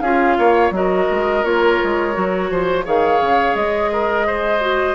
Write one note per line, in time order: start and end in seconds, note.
0.00 0.36 C#4
0.00 0.73 F4
0.00 0.37 G#4
0.00 0.71 F5
0.38 0.70 A#3
0.38 0.73 C#5
0.70 1.06 F#3
0.70 1.43 F#4
0.70 2.51 A#4
0.70 1.44 D#5
1.10 1.44 G#3
1.43 1.79 A#3
1.43 2.12 F4
1.43 2.85 C#5
1.83 2.16 G#3
2.12 2.50 F#3
2.12 2.83 F#4
2.50 2.86 F3
2.50 2.85 C5
2.84 3.20 D#3
2.84 4.60 G#4
2.84 3.90 C#5
2.84 3.55 F5
3.20 3.54 C#3
3.54 4.94 G#3
3.54 4.94 D#5
3.92 4.26 A#4
4.26 4.94 C5
4.60 4.94 F#4